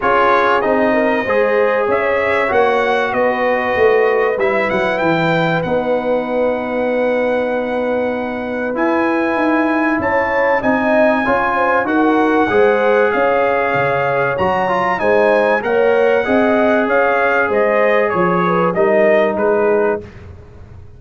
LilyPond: <<
  \new Staff \with { instrumentName = "trumpet" } { \time 4/4 \tempo 4 = 96 cis''4 dis''2 e''4 | fis''4 dis''2 e''8 fis''8 | g''4 fis''2.~ | fis''2 gis''2 |
a''4 gis''2 fis''4~ | fis''4 f''2 ais''4 | gis''4 fis''2 f''4 | dis''4 cis''4 dis''4 b'4 | }
  \new Staff \with { instrumentName = "horn" } { \time 4/4 gis'4. ais'8 c''4 cis''4~ | cis''4 b'2.~ | b'1~ | b'1 |
cis''4 dis''4 cis''8 c''8 ais'4 | c''4 cis''2. | c''4 cis''4 dis''4 cis''4 | c''4 cis''8 b'8 ais'4 gis'4 | }
  \new Staff \with { instrumentName = "trombone" } { \time 4/4 f'4 dis'4 gis'2 | fis'2. e'4~ | e'4 dis'2.~ | dis'2 e'2~ |
e'4 dis'4 f'4 fis'4 | gis'2. fis'8 f'8 | dis'4 ais'4 gis'2~ | gis'2 dis'2 | }
  \new Staff \with { instrumentName = "tuba" } { \time 4/4 cis'4 c'4 gis4 cis'4 | ais4 b4 a4 g8 fis8 | e4 b2.~ | b2 e'4 dis'4 |
cis'4 c'4 cis'4 dis'4 | gis4 cis'4 cis4 fis4 | gis4 ais4 c'4 cis'4 | gis4 f4 g4 gis4 | }
>>